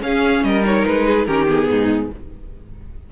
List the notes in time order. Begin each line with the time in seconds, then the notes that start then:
0.00 C#4 G#4 F5
0.44 G3 A#4 D#5
0.65 D#4 C#5
0.86 G#3 B4
1.07 G#4
1.26 D#3 C#4 G4 A#4
1.48 B3 G#4
1.70 G#2 D#4